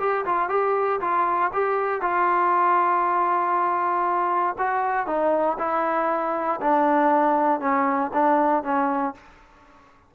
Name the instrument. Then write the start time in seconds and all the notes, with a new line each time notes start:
trombone
0.00 G4
0.26 F4
0.50 G4
1.01 F4
1.54 G4
2.02 F4
4.59 F#4
5.07 D#4
5.59 E4
6.61 D4
7.61 C#4
8.14 D4
8.64 C#4